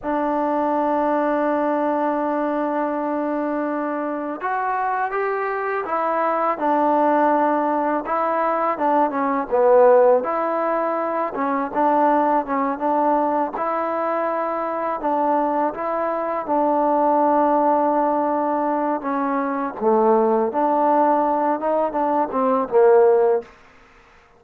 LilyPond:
\new Staff \with { instrumentName = "trombone" } { \time 4/4 \tempo 4 = 82 d'1~ | d'2 fis'4 g'4 | e'4 d'2 e'4 | d'8 cis'8 b4 e'4. cis'8 |
d'4 cis'8 d'4 e'4.~ | e'8 d'4 e'4 d'4.~ | d'2 cis'4 a4 | d'4. dis'8 d'8 c'8 ais4 | }